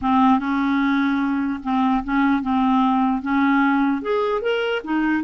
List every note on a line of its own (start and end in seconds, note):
0.01 0.39 C4
0.39 1.59 C#4
1.63 2.03 C4
2.04 2.42 C#4
2.42 3.22 C4
3.22 4.02 C#4
4.02 4.41 G#4
4.41 4.81 A#4
4.83 5.23 D#4